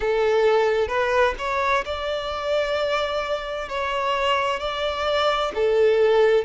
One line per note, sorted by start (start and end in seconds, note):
0.00 0.88 A4
0.88 1.34 B4
1.38 1.84 C#5
1.85 3.68 D5
3.68 4.59 C#5
4.59 5.51 D5
5.54 6.44 A4